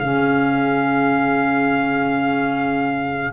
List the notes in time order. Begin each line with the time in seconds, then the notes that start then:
0.00 C#3 C#4 G#4 F5